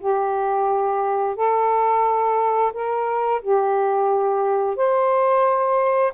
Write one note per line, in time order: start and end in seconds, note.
0.00 1.36 G4
1.36 2.72 A4
2.73 3.42 A#4
3.42 4.76 G4
4.76 6.12 C5